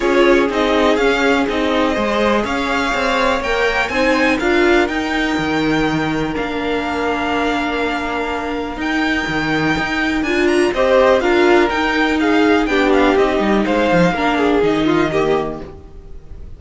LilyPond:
<<
  \new Staff \with { instrumentName = "violin" } { \time 4/4 \tempo 4 = 123 cis''4 dis''4 f''4 dis''4~ | dis''4 f''2 g''4 | gis''4 f''4 g''2~ | g''4 f''2.~ |
f''2 g''2~ | g''4 gis''8 ais''8 dis''4 f''4 | g''4 f''4 g''8 f''8 dis''4 | f''2 dis''2 | }
  \new Staff \with { instrumentName = "violin" } { \time 4/4 gis'1 | c''4 cis''2. | c''4 ais'2.~ | ais'1~ |
ais'1~ | ais'2 c''4 ais'4~ | ais'4 gis'4 g'2 | c''4 ais'8 gis'4 f'8 g'4 | }
  \new Staff \with { instrumentName = "viola" } { \time 4/4 f'4 dis'4 cis'4 dis'4 | gis'2. ais'4 | dis'4 f'4 dis'2~ | dis'4 d'2.~ |
d'2 dis'2~ | dis'4 f'4 g'4 f'4 | dis'2 d'4 dis'4~ | dis'4 d'4 dis'4 ais4 | }
  \new Staff \with { instrumentName = "cello" } { \time 4/4 cis'4 c'4 cis'4 c'4 | gis4 cis'4 c'4 ais4 | c'4 d'4 dis'4 dis4~ | dis4 ais2.~ |
ais2 dis'4 dis4 | dis'4 d'4 c'4 d'4 | dis'2 b4 c'8 g8 | gis8 f8 ais4 dis2 | }
>>